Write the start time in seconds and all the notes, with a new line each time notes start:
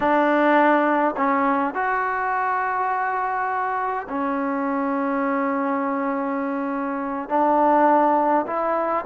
0.00 D4
1.17 C#4
1.74 F#4
4.08 C#4
7.29 D4
8.46 E4